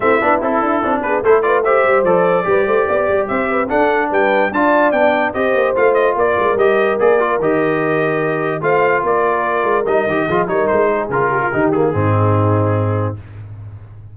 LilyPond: <<
  \new Staff \with { instrumentName = "trumpet" } { \time 4/4 \tempo 4 = 146 e''4 a'4. b'8 c''8 d''8 | e''4 d''2. | e''4 fis''4 g''4 a''4 | g''4 dis''4 f''8 dis''8 d''4 |
dis''4 d''4 dis''2~ | dis''4 f''4 d''2 | dis''4. cis''8 c''4 ais'4~ | ais'8 gis'2.~ gis'8 | }
  \new Staff \with { instrumentName = "horn" } { \time 4/4 e'2~ e'8 gis'8 a'8 b'8 | c''2 b'8 c''8 d''4 | c''8 b'8 a'4 b'4 d''4~ | d''4 c''2 ais'4~ |
ais'1~ | ais'4 c''4 ais'2~ | ais'4 gis'8 ais'4 gis'4 g'16 f'16 | g'4 dis'2. | }
  \new Staff \with { instrumentName = "trombone" } { \time 4/4 c'8 d'8 e'4 d'4 e'8 f'8 | g'4 a'4 g'2~ | g'4 d'2 f'4 | d'4 g'4 f'2 |
g'4 gis'8 f'8 g'2~ | g'4 f'2. | dis'8 g'8 f'8 dis'4. f'4 | dis'8 ais8 c'2. | }
  \new Staff \with { instrumentName = "tuba" } { \time 4/4 a8 b8 c'8 d'8 c'8 b8 a4~ | a8 g8 f4 g8 a8 b8 g8 | c'4 d'4 g4 d'4 | b4 c'8 ais8 a4 ais8 gis8 |
g4 ais4 dis2~ | dis4 a4 ais4. gis8 | g8 dis8 f8 g8 gis4 cis4 | dis4 gis,2. | }
>>